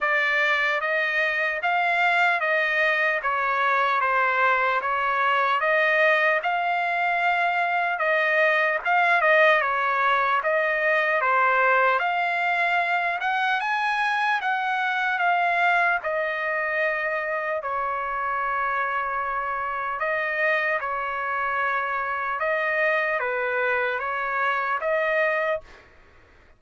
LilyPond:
\new Staff \with { instrumentName = "trumpet" } { \time 4/4 \tempo 4 = 75 d''4 dis''4 f''4 dis''4 | cis''4 c''4 cis''4 dis''4 | f''2 dis''4 f''8 dis''8 | cis''4 dis''4 c''4 f''4~ |
f''8 fis''8 gis''4 fis''4 f''4 | dis''2 cis''2~ | cis''4 dis''4 cis''2 | dis''4 b'4 cis''4 dis''4 | }